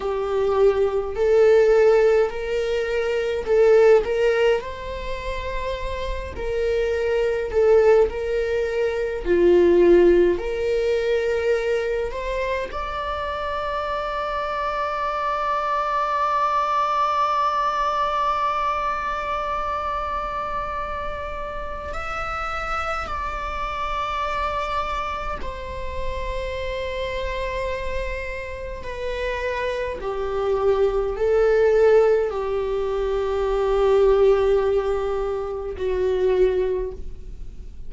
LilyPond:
\new Staff \with { instrumentName = "viola" } { \time 4/4 \tempo 4 = 52 g'4 a'4 ais'4 a'8 ais'8 | c''4. ais'4 a'8 ais'4 | f'4 ais'4. c''8 d''4~ | d''1~ |
d''2. e''4 | d''2 c''2~ | c''4 b'4 g'4 a'4 | g'2. fis'4 | }